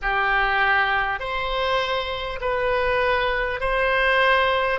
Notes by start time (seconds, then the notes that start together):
0.02 G4
1.19 C5
2.41 B4
3.60 C5